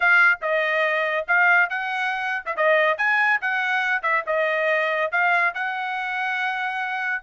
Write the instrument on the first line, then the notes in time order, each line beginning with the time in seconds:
trumpet
0.00 F5
0.41 D#5
1.27 F5
1.69 F#5
2.45 E5
2.56 D#5
2.97 G#5
3.41 F#5
4.02 E5
4.26 D#5
5.11 F5
5.54 F#5